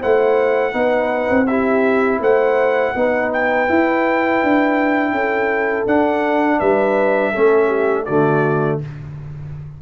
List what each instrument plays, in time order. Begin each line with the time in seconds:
0.00 tuba A3, trombone E4, horn C5, trumpet F#5
0.73 tuba B3, trombone D#4, horn B4
1.30 tuba C4
1.47 trombone E4, horn G4, trumpet E5
2.20 tuba A3, horn C5, trumpet F#5
2.95 tuba B3, trombone D#4, horn B4
3.33 trumpet G5
3.69 trombone E4, tuba E4
4.43 tuba D4
5.12 tuba C#4, horn A4
5.86 tuba D4, trombone D4, trumpet F#5
6.59 tuba G3, horn B4, trumpet E5
7.32 tuba A3, trombone C#4, horn A4
7.67 horn G4
8.05 tuba D3, trombone A3, horn F#4, trumpet D5